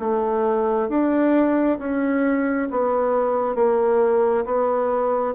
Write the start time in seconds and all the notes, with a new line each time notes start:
0.00 A3
0.89 D4
1.80 C#4
2.72 B3
3.55 A#3
4.45 B3